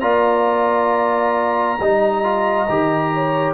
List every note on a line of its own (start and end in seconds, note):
0.00 1.78 A#3
0.00 1.78 F4
0.00 1.78 D5
0.00 3.53 A#5
1.79 2.67 G3
1.79 2.24 D#4
1.79 3.11 D#5
2.24 2.68 F4
2.69 3.54 D#3
2.69 3.54 G4
3.13 3.54 C#5